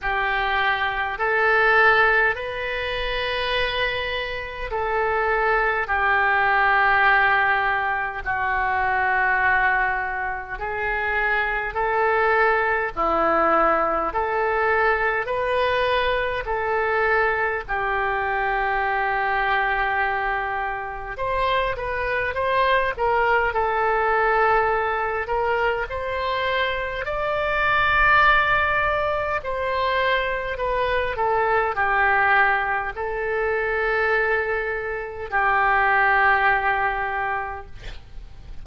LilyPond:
\new Staff \with { instrumentName = "oboe" } { \time 4/4 \tempo 4 = 51 g'4 a'4 b'2 | a'4 g'2 fis'4~ | fis'4 gis'4 a'4 e'4 | a'4 b'4 a'4 g'4~ |
g'2 c''8 b'8 c''8 ais'8 | a'4. ais'8 c''4 d''4~ | d''4 c''4 b'8 a'8 g'4 | a'2 g'2 | }